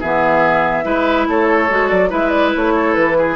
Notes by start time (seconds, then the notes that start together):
0.00 E3 B3 G#4 E5
0.83 G#3 E4 B4
1.27 A3 A4 C#5
1.70 G#3 F#4
1.89 F#3 D5
2.09 G#3 E4 B4 E5
2.29 D5
2.55 A3 C#5
2.75 A4
2.94 E3 B4
3.18 G#4